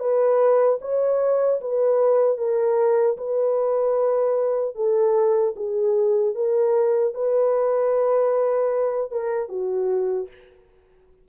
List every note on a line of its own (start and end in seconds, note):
0.00 0.79 B4
0.81 1.60 C#5
1.61 2.38 B4
2.38 3.17 A#4
3.17 4.75 B4
4.75 5.54 A4
5.56 6.35 G#4
6.35 7.14 A#4
7.14 9.11 B4
9.11 9.49 A#4
9.49 10.28 F#4